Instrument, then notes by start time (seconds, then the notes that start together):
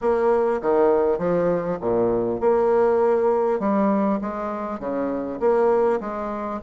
bassoon
0.01 A#3
0.61 D#3
1.18 F3
1.80 A#2
2.40 A#3
3.59 G3
4.21 G#3
4.79 C#3
5.39 A#3
6.00 G#3